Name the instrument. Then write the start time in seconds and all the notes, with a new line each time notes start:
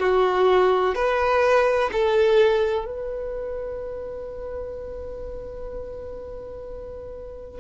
violin
0.00 F#4
0.95 B4
1.93 A4
2.86 B4